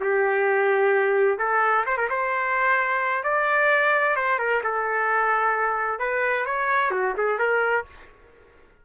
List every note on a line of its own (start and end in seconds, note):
0.00 1.38 G4
1.38 1.84 A4
1.86 1.97 C5
1.97 2.09 A#4
2.09 3.23 C5
3.23 4.16 D5
4.16 4.38 C5
4.38 4.62 A#4
4.63 5.99 A4
5.99 6.45 B4
6.46 6.90 C#5
6.90 7.13 F#4
7.17 7.39 G#4
7.39 7.85 A#4